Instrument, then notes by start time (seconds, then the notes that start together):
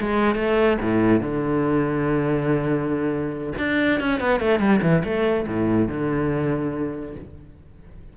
cello
0.00 G#3
0.35 A3
0.81 A2
1.20 D3
3.58 D4
4.00 C#4
4.20 B3
4.40 A3
4.59 G3
4.81 E3
5.04 A3
5.47 A2
5.88 D3